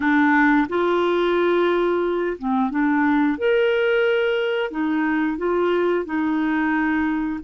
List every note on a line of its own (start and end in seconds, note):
0.00 0.67 D4
0.68 2.37 F4
2.38 2.70 C4
2.70 3.37 D4
3.38 4.70 A#4
4.70 5.37 D#4
5.37 6.05 F4
6.05 7.40 D#4